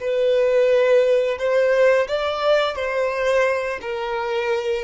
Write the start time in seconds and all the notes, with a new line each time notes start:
0.00 B4
1.38 C5
2.08 D5
2.76 C5
3.82 A#4